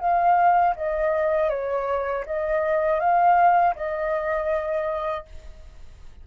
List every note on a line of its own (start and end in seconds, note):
0.00 0.75 F5
0.76 1.49 D#5
1.49 2.24 C#5
2.26 3.00 D#5
3.00 3.75 F5
3.75 5.25 D#5